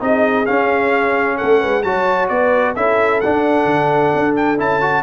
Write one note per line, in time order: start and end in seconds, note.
0.00 0.47 C4
0.00 0.46 D#4
0.00 1.37 G#4
0.00 0.46 D#5
0.46 1.84 C#4
0.46 1.41 C#4
0.46 1.37 F5
1.37 1.65 A3
1.37 1.60 A4
1.37 1.83 F#5
1.60 1.84 G#3
1.60 1.83 B4
1.83 2.30 F#3
1.83 2.76 F#4
1.83 2.31 C#5
1.83 2.28 A5
2.29 2.76 B3
2.29 2.77 B4
2.29 2.75 D5
2.76 3.22 C#4
2.76 3.23 E4
2.76 5.03 A4
2.76 3.21 E5
3.21 4.58 D4
3.21 3.65 D4
3.21 4.35 F#5
3.65 4.11 D3
4.15 4.60 D4
4.36 4.59 G5
4.58 5.03 C#4
4.58 4.81 E4
4.58 5.03 A5
4.81 5.03 F#4